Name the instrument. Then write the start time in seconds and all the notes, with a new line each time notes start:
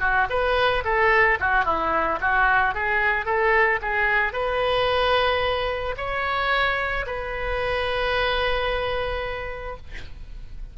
oboe
0.00 F#4
0.30 B4
0.85 A4
1.40 F#4
1.65 E4
2.21 F#4
2.74 G#4
3.26 A4
3.82 G#4
4.33 B4
5.97 C#5
7.07 B4